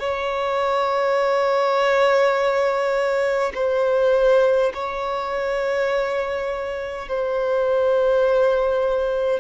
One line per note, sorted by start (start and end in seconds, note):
0.00 3.53 C#5
3.55 4.73 C5
4.74 7.09 C#5
7.09 9.40 C5